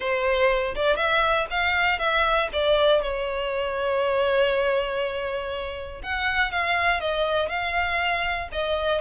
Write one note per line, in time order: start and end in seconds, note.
0.00 0.75 C5
0.75 0.96 D5
0.96 1.46 E5
1.50 1.98 F5
1.98 2.48 E5
2.52 3.02 D5
3.02 6.02 C#5
6.02 6.51 F#5
6.51 7.00 F5
7.00 7.48 D#5
7.48 8.48 F5
8.52 9.01 D#5